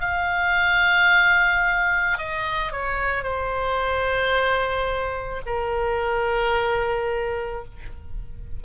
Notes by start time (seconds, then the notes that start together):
0.00 F5
2.18 D#5
2.73 C#5
3.24 C5
5.46 A#4